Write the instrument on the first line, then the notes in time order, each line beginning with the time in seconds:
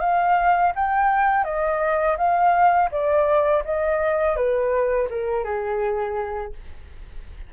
flute
0.00 F5
0.75 G5
1.44 D#5
2.17 F5
2.91 D5
3.64 D#5
4.36 B4
5.09 A#4
5.44 G#4